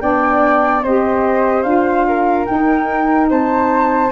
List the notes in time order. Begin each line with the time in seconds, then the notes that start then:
0.00 B3 D4 D5 G5
0.83 C4 G4 C5 D#5
1.63 D4 F4 F5
2.07 A#4
2.45 D#4 G5
3.30 C4 C5 A5